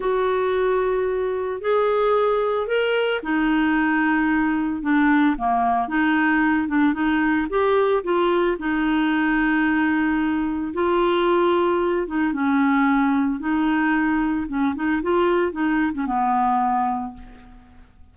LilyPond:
\new Staff \with { instrumentName = "clarinet" } { \time 4/4 \tempo 4 = 112 fis'2. gis'4~ | gis'4 ais'4 dis'2~ | dis'4 d'4 ais4 dis'4~ | dis'8 d'8 dis'4 g'4 f'4 |
dis'1 | f'2~ f'8 dis'8 cis'4~ | cis'4 dis'2 cis'8 dis'8 | f'4 dis'8. cis'16 b2 | }